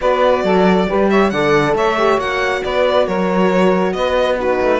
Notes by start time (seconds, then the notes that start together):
0.01 B3 F#4 B4 D5
0.43 F#3 A4
0.88 G3 G4 B4
1.10 C#5 E5
1.30 D3 A4 D5 F#5
1.73 A3 C#5 E5
1.98 G4
2.17 A#3 F#4 F#5
2.63 B3 B4 D5
3.06 F#3 A#4 C#5
3.92 B3 B4 D#5
4.35 D#4 F#4 B4
4.60 A3